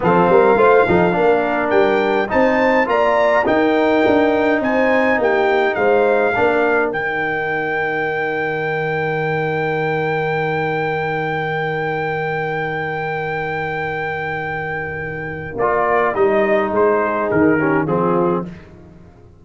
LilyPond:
<<
  \new Staff \with { instrumentName = "trumpet" } { \time 4/4 \tempo 4 = 104 f''2. g''4 | a''4 ais''4 g''2 | gis''4 g''4 f''2 | g''1~ |
g''1~ | g''1~ | g''2. d''4 | dis''4 c''4 ais'4 gis'4 | }
  \new Staff \with { instrumentName = "horn" } { \time 4/4 a'8 ais'8 c''8 a'8 ais'2 | c''4 d''4 ais'2 | c''4 g'4 c''4 ais'4~ | ais'1~ |
ais'1~ | ais'1~ | ais'1~ | ais'4. gis'4 g'8 f'4 | }
  \new Staff \with { instrumentName = "trombone" } { \time 4/4 c'4 f'8 dis'8 d'2 | dis'4 f'4 dis'2~ | dis'2. d'4 | dis'1~ |
dis'1~ | dis'1~ | dis'2. f'4 | dis'2~ dis'8 cis'8 c'4 | }
  \new Staff \with { instrumentName = "tuba" } { \time 4/4 f8 g8 a8 f8 ais4 g4 | c'4 ais4 dis'4 d'4 | c'4 ais4 gis4 ais4 | dis1~ |
dis1~ | dis1~ | dis2. ais4 | g4 gis4 dis4 f4 | }
>>